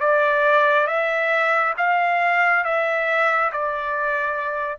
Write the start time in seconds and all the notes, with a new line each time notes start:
0.00 D5
0.87 E5
1.77 F5
2.64 E5
3.52 D5